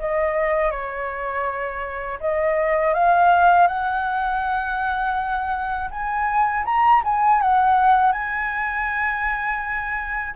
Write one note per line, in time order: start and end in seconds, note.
0.00 0.71 D#5
0.71 2.20 C#5
2.21 2.94 D#5
2.94 3.68 F5
3.68 5.90 F#5
5.91 6.65 G#5
6.65 7.02 A#5
7.05 7.42 G#5
7.42 8.13 F#5
8.13 10.35 G#5